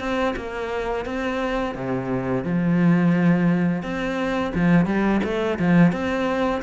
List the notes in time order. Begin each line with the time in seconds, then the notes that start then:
0.00 C4
0.36 A#3
1.06 C4
1.75 C3
2.45 F3
3.83 C4
4.54 F3
4.86 G3
5.24 A3
5.59 F3
5.92 C4